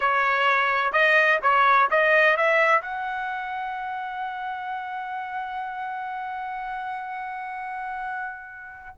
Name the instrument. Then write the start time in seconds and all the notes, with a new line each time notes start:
trumpet
0.00 C#5
0.92 D#5
1.42 C#5
1.90 D#5
2.36 E5
2.81 F#5